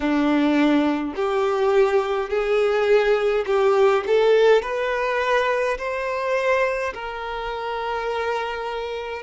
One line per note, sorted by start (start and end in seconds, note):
0.00 1.14 D4
1.15 2.29 G4
2.29 3.45 G#4
3.46 4.04 G4
4.06 4.62 A4
4.62 5.77 B4
5.77 6.93 C5
6.93 9.22 A#4